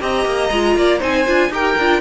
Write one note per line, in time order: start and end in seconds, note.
0.00 0.25 C4
0.00 0.50 G4
0.00 0.77 D#5
0.00 1.03 A#5
0.25 0.50 A#3
0.51 0.76 G#3
0.51 1.00 F4
0.76 1.01 A#3
0.76 0.99 D5
0.99 1.27 C4
0.99 1.25 D#4
0.99 1.49 C5
0.99 1.53 G#5
1.27 1.49 D4
1.27 1.51 F4
1.49 1.74 D#4
1.49 1.76 G4
1.49 2.01 A#4
1.49 2.01 G5
1.78 2.01 D4
1.78 2.01 F4